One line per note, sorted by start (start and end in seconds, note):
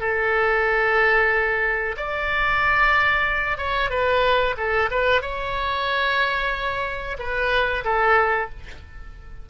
0.00 1.96 A4
1.97 3.58 D5
3.58 3.90 C#5
3.90 4.55 B4
4.57 4.90 A4
4.91 5.22 B4
5.22 7.17 C#5
7.19 7.84 B4
7.84 8.50 A4